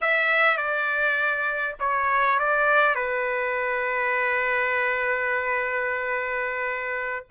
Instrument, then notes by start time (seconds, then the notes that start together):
trumpet
0.01 E5
0.57 D5
1.79 C#5
2.39 D5
2.95 B4